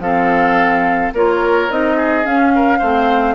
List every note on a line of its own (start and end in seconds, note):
0.00 1.11 F3
0.00 1.14 C4
0.00 1.14 A4
0.00 1.12 F5
1.13 1.69 A#3
1.13 1.70 F4
1.13 1.97 A#4
1.13 1.71 C#5
1.70 2.25 C4
1.70 2.24 D#4
1.70 2.26 D#5
1.97 2.52 G#4
2.24 2.80 C#4
2.24 2.81 C#4
2.24 3.35 F5
2.55 2.79 A#4
2.79 3.35 A3
2.79 3.35 C4
2.79 3.34 C5